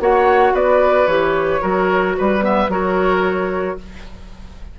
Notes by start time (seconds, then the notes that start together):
0.00 A#3 F#4 C#5 F#5
0.53 B3 B4 D5
1.07 E3 G4 C#5
1.61 F#3 F#4 A#4
2.17 G3 B4
2.40 B3 E5
2.68 F#3 F#4 A#4 C#5